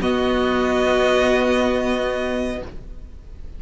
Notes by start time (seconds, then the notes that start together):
0.00 B3 F#4 D#5